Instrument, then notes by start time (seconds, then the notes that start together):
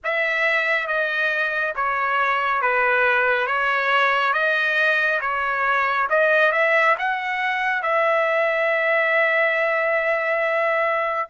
trumpet
0.04 E5
0.87 D#5
1.75 C#5
2.61 B4
3.46 C#5
4.33 D#5
5.21 C#5
6.09 D#5
6.52 E5
6.98 F#5
7.82 E5